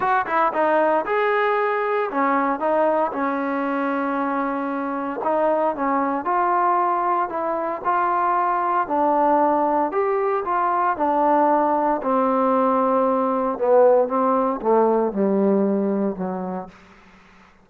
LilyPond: \new Staff \with { instrumentName = "trombone" } { \time 4/4 \tempo 4 = 115 fis'8 e'8 dis'4 gis'2 | cis'4 dis'4 cis'2~ | cis'2 dis'4 cis'4 | f'2 e'4 f'4~ |
f'4 d'2 g'4 | f'4 d'2 c'4~ | c'2 b4 c'4 | a4 g2 fis4 | }